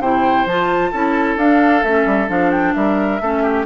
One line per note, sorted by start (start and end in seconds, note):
0.00 0.46 C3
0.00 0.49 E4
0.00 0.92 C5
0.00 0.48 G5
0.46 0.92 F3
0.46 0.94 F4
0.46 1.39 A5
0.92 1.37 C#4
0.92 1.40 E4
0.92 2.75 A4
1.37 1.83 D4
1.37 1.85 D4
1.37 1.83 F5
1.83 2.06 A3
1.83 2.28 C#4
1.83 2.29 E5
2.06 2.29 G3
2.28 2.75 F3
2.28 3.20 D4
2.28 2.51 F5
2.51 2.74 G5
2.74 3.21 G3
2.74 3.22 A#4
2.74 3.66 E5
3.21 3.67 A3
3.21 3.67 C#4
3.21 3.43 A4
3.43 3.66 G4